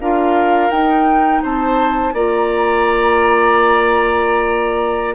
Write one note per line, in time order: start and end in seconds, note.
0.00 0.70 D4
0.00 0.71 F4
0.00 1.43 A#4
0.00 0.71 F5
0.70 1.42 D#4
0.70 2.13 D#4
0.70 1.42 G5
1.43 2.13 C4
1.43 2.14 C5
1.43 2.15 A5
2.13 5.15 A#3
2.13 5.15 F4
2.13 5.15 D5
2.13 5.15 A#5